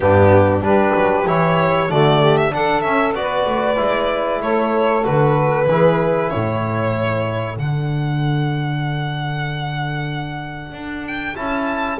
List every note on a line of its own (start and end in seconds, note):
0.00 0.60 G2
0.00 0.61 B3
0.00 0.64 D4
0.00 0.61 G4
0.60 0.91 G3
0.60 1.24 D4
0.60 1.88 G4
0.60 1.27 B4
0.95 1.26 F#3
1.26 1.89 E3
1.26 1.88 E4
1.26 1.90 C#5
1.88 2.53 D3
1.88 2.50 A3
1.88 2.20 F#4
1.88 2.37 D5
2.20 2.52 G4
2.37 2.53 E5
2.50 2.82 D4
2.50 2.84 D4
2.50 3.19 A4
2.50 2.81 F#5
2.81 3.13 C#4
2.81 3.12 E5
3.13 3.44 B3
3.13 3.76 F#4
3.13 4.41 D5
3.20 4.41 B4
3.46 3.77 A3
3.76 4.42 G#3
3.76 5.02 E4
4.41 5.05 A3
4.41 5.67 A4
4.41 5.04 C#5
5.03 5.66 D3
5.03 5.66 F#4
5.03 6.29 B4
5.66 6.29 E3
5.66 7.56 E4
5.66 6.33 G#4
6.29 7.56 A2
6.29 11.99 A4
6.29 7.56 C#5
7.56 10.72 D3
7.56 11.35 D4
7.56 11.06 F#5
10.72 11.35 D4
11.06 11.36 G5
11.35 11.99 C#4
11.35 11.98 E4
11.35 11.99 A5